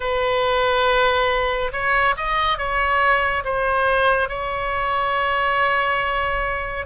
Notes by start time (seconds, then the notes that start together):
0.00 B4
1.72 C#5
2.17 D#5
2.58 C#5
3.44 C5
4.29 C#5